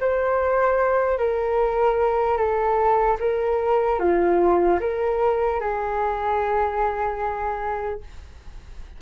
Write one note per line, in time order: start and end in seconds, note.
0.00 1.18 C5
1.18 2.37 A#4
2.37 3.17 A4
3.20 3.99 A#4
3.99 4.79 F4
4.80 5.60 A#4
5.60 8.00 G#4